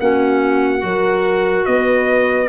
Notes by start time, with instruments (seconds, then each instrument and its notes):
0.00 tuba A#3, clarinet C#4, horn F#4, trumpet F#5
0.79 tuba F#3, clarinet F#4, horn A#4
1.65 tuba B3, horn B4, trumpet D#5